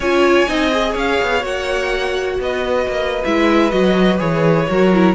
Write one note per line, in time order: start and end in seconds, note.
0.00 0.46 C#4
0.00 0.47 F4
0.00 0.48 C#5
0.00 0.96 G#5
0.47 0.94 C4
0.47 0.71 D#4
0.47 0.92 D#5
0.71 1.40 G#4
0.92 1.18 C#4
0.92 2.36 C#5
0.92 1.44 F5
1.22 1.43 B3
1.40 2.38 A#3
1.40 3.20 F#4
1.40 2.40 F#5
2.38 2.86 B3
2.38 4.69 B4
2.38 3.24 D#5
2.87 3.23 A#3
3.24 3.72 G#3
3.24 3.70 E4
3.24 3.71 E5
3.70 4.20 F#3
3.70 4.18 F#4
3.70 4.19 D#5
4.18 4.68 E3
4.18 4.66 G#4
4.18 5.14 C#5
4.68 5.14 F#3
4.68 4.92 F#4
4.68 5.14 A#4
4.93 5.14 E4